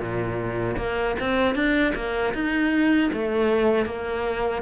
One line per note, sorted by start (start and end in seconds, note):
0.00 0.77 A#2
0.77 1.16 A#3
1.20 1.55 C4
1.55 1.94 D4
1.95 2.34 A#3
2.34 3.11 D#4
3.13 3.86 A3
3.86 4.62 A#3